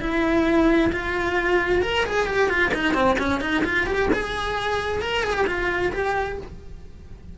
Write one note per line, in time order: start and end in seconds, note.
0.00 0.91 E4
0.92 1.82 F4
1.82 2.05 A#4
2.05 2.26 G#4
2.26 2.49 G4
2.49 2.71 F4
2.74 2.94 D#4
2.94 3.16 C4
3.18 3.40 C#4
3.40 3.63 D#4
3.64 3.86 F4
3.86 4.09 G4
4.12 5.01 G#4
5.01 5.23 A#4
5.23 5.33 G#4
5.33 5.45 G4
5.46 5.92 F4
5.92 6.38 G4